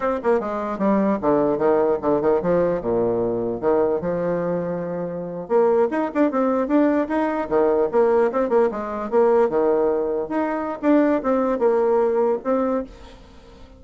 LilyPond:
\new Staff \with { instrumentName = "bassoon" } { \time 4/4 \tempo 4 = 150 c'8 ais8 gis4 g4 d4 | dis4 d8 dis8 f4 ais,4~ | ais,4 dis4 f2~ | f4.~ f16 ais4 dis'8 d'8 c'16~ |
c'8. d'4 dis'4 dis4 ais16~ | ais8. c'8 ais8 gis4 ais4 dis16~ | dis4.~ dis16 dis'4~ dis'16 d'4 | c'4 ais2 c'4 | }